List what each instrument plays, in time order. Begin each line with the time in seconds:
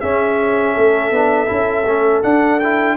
0.00 tuba C#4, trombone C#4, horn G#4, trumpet E5
0.74 tuba A3, horn A4
1.10 tuba B3, trombone D4
1.46 tuba C#4, trombone E4
1.85 tuba A3, trombone C#4
2.23 trombone D4, tuba D4, trumpet F#5
2.60 trombone E4, trumpet G5